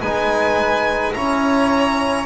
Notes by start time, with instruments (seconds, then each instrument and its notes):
0.00 double bass G#3, trombone D#4, violin B4 G#5
1.13 double bass C#4, trombone E4, violin C#5 A#5